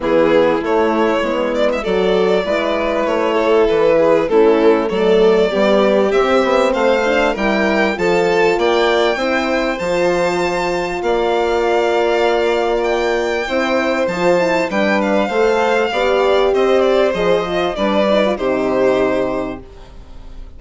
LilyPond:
<<
  \new Staff \with { instrumentName = "violin" } { \time 4/4 \tempo 4 = 98 gis'4 cis''4. d''16 e''16 d''4~ | d''4 cis''4 b'4 a'4 | d''2 e''4 f''4 | g''4 a''4 g''2 |
a''2 f''2~ | f''4 g''2 a''4 | g''8 f''2~ f''8 dis''8 d''8 | dis''4 d''4 c''2 | }
  \new Staff \with { instrumentName = "violin" } { \time 4/4 e'2. a'4 | b'4. a'4 gis'8 e'4 | a'4 g'2 c''4 | ais'4 a'4 d''4 c''4~ |
c''2 d''2~ | d''2 c''2 | b'4 c''4 d''4 c''4~ | c''4 b'4 g'2 | }
  \new Staff \with { instrumentName = "horn" } { \time 4/4 b4 a4 b4 fis'4 | e'2. cis'4 | a4 b4 c'4. d'8 | e'4 f'2 e'4 |
f'1~ | f'2 e'4 f'8 e'8 | d'4 a'4 g'2 | gis'8 f'8 d'8 dis'16 f'16 dis'2 | }
  \new Staff \with { instrumentName = "bassoon" } { \time 4/4 e4 a4 gis4 fis4 | gis4 a4 e4 a4 | fis4 g4 c'8 b8 a4 | g4 f4 ais4 c'4 |
f2 ais2~ | ais2 c'4 f4 | g4 a4 b4 c'4 | f4 g4 c2 | }
>>